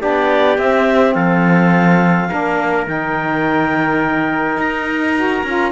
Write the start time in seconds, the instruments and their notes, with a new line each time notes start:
0.00 cello B3, saxophone D4, trumpet G4, clarinet D5
0.58 cello C4, saxophone C4, clarinet E5
1.14 cello F3, trumpet A4, clarinet F5
2.30 cello A#3, saxophone D4, trumpet A#4
2.87 cello D#3, saxophone D#4, clarinet G5
4.57 cello D#4, clarinet A#5
5.17 saxophone F#4
5.44 cello C#4, saxophone F4